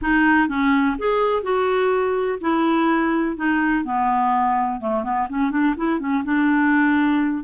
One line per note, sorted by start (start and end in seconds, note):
0.01 0.48 D#4
0.48 0.96 C#4
0.98 1.42 G#4
1.42 2.38 F#4
2.40 3.36 E4
3.36 3.84 D#4
3.84 4.80 B3
4.80 5.03 A3
5.03 5.27 B3
5.29 5.50 C#4
5.50 5.74 D4
5.76 5.99 E4
5.99 6.23 C#4
6.24 7.43 D4